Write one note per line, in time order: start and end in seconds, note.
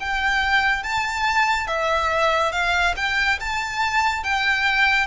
0.00 0.83 G5
0.83 1.67 A5
1.67 2.52 E5
2.52 2.95 F5
2.96 3.39 G5
3.40 4.24 A5
4.24 5.06 G5